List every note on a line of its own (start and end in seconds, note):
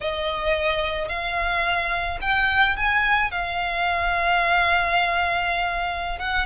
0.00 1.08 D#5
1.08 2.18 F5
2.21 2.76 G5
2.76 3.31 G#5
3.31 6.19 F5
6.19 6.46 F#5